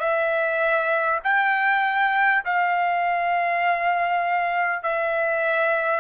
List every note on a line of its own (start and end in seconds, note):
0.00 1.20 E5
1.24 2.44 G5
2.45 4.83 F5
4.83 6.01 E5